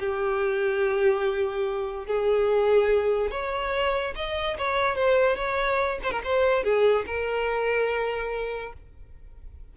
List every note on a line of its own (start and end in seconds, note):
0.00 2.07 G4
2.07 3.31 G#4
3.31 4.14 C#5
4.16 4.57 D#5
4.58 4.96 C#5
4.96 5.36 C5
5.36 5.99 C#5
6.03 6.11 C5
6.11 6.22 A#4
6.24 6.64 C5
6.64 7.05 G#4
7.06 8.73 A#4